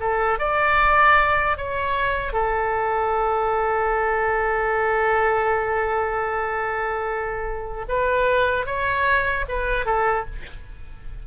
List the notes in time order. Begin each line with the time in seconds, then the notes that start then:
0.00 A4
0.39 D5
1.57 C#5
2.33 A4
7.88 B4
8.66 C#5
9.49 B4
9.85 A4